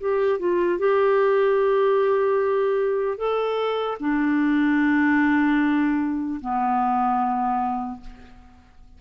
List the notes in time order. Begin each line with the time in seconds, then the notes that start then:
0.00 G4
0.39 F4
0.79 G4
3.17 A4
4.00 D4
6.40 B3